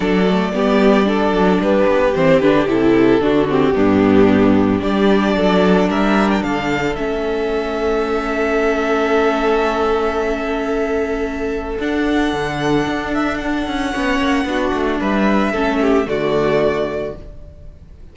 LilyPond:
<<
  \new Staff \with { instrumentName = "violin" } { \time 4/4 \tempo 4 = 112 d''2. b'4 | c''8 b'8 a'4. g'4.~ | g'4 d''2 e''8. g''16 | f''4 e''2.~ |
e''1~ | e''2 fis''2~ | fis''8 e''8 fis''2. | e''2 d''2 | }
  \new Staff \with { instrumentName = "violin" } { \time 4/4 a'4 g'4 a'4 g'4~ | g'2 fis'4 d'4~ | d'4 g'4 a'4 ais'4 | a'1~ |
a'1~ | a'1~ | a'2 cis''4 fis'4 | b'4 a'8 g'8 fis'2 | }
  \new Staff \with { instrumentName = "viola" } { \time 4/4 d'8 a8 b4 d'2 | c'8 d'8 e'4 d'8 c'8 b4~ | b4 d'2.~ | d'4 cis'2.~ |
cis'1~ | cis'2 d'2~ | d'2 cis'4 d'4~ | d'4 cis'4 a2 | }
  \new Staff \with { instrumentName = "cello" } { \time 4/4 fis4 g4. fis8 g8 b8 | e8 d8 c4 d4 g,4~ | g,4 g4 fis4 g4 | d4 a2.~ |
a1~ | a2 d'4 d4 | d'4. cis'8 b8 ais8 b8 a8 | g4 a4 d2 | }
>>